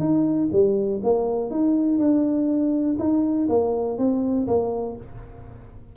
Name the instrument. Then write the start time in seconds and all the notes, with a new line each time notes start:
tuba
0.00 D#4
0.52 G3
1.04 A#3
1.51 D#4
1.99 D4
2.99 D#4
3.49 A#3
3.98 C4
4.48 A#3